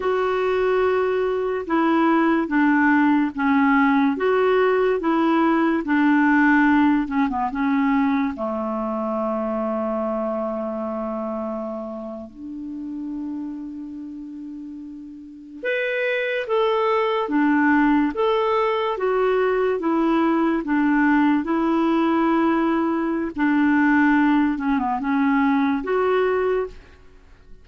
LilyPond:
\new Staff \with { instrumentName = "clarinet" } { \time 4/4 \tempo 4 = 72 fis'2 e'4 d'4 | cis'4 fis'4 e'4 d'4~ | d'8 cis'16 b16 cis'4 a2~ | a2~ a8. d'4~ d'16~ |
d'2~ d'8. b'4 a'16~ | a'8. d'4 a'4 fis'4 e'16~ | e'8. d'4 e'2~ e'16 | d'4. cis'16 b16 cis'4 fis'4 | }